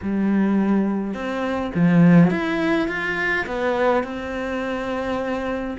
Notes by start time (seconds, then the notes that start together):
0.02 G3
1.14 C4
1.74 F3
2.30 E4
2.88 F4
3.46 B3
4.03 C4